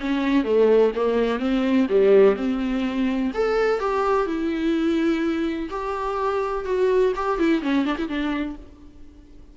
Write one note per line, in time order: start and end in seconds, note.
0.00 0.44 C#4
0.44 0.92 A3
0.95 1.39 A#3
1.39 1.87 C4
1.89 2.36 G3
2.36 3.31 C4
3.34 3.80 A4
3.80 4.26 G4
4.26 5.69 E4
5.70 6.65 G4
6.65 7.13 F#4
7.16 7.39 G4
7.39 7.62 E4
7.62 7.85 C#4
7.85 7.97 D4
7.98 8.08 E4
8.08 8.56 D4